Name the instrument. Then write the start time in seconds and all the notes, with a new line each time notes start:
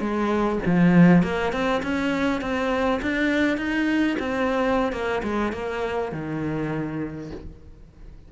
cello
0.00 G#3
0.66 F3
1.23 A#3
1.53 C4
1.83 C#4
2.41 C4
3.02 D4
3.57 D#4
4.19 C4
4.93 A#3
5.23 G#3
5.52 A#3
6.12 D#3